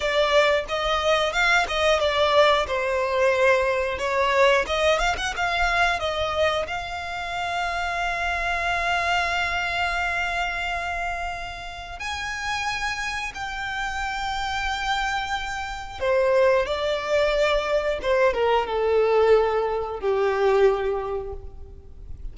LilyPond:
\new Staff \with { instrumentName = "violin" } { \time 4/4 \tempo 4 = 90 d''4 dis''4 f''8 dis''8 d''4 | c''2 cis''4 dis''8 f''16 fis''16 | f''4 dis''4 f''2~ | f''1~ |
f''2 gis''2 | g''1 | c''4 d''2 c''8 ais'8 | a'2 g'2 | }